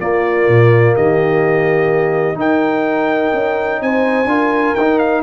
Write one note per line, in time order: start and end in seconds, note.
0.00 2.35 A#3
0.00 0.48 A#3
0.00 0.95 F4
0.00 0.95 D5
0.48 0.95 A#2
0.95 2.36 D#3
0.95 2.38 G4
0.95 2.39 D#5
2.35 4.26 D#4
2.35 3.31 D#4
2.35 3.82 A#4
2.35 3.82 G5
3.34 3.81 C#4
3.81 4.25 C4
3.81 4.30 C5
3.81 4.75 G#5
4.25 4.73 D4
4.25 4.76 F4
4.25 5.22 A#4
4.75 5.22 D#4
4.75 4.99 G5
4.99 5.22 F5